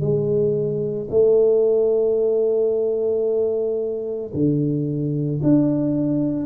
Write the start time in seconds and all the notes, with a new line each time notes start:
0.00 G#3
1.10 A3
4.33 D3
5.43 D4